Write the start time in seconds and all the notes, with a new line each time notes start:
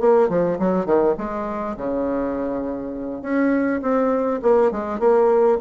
0.00 A#3
0.29 F3
0.59 F#3
0.86 D#3
1.18 G#3
1.77 C#3
3.22 C#4
3.82 C4
4.42 A#3
4.72 G#3
4.99 A#3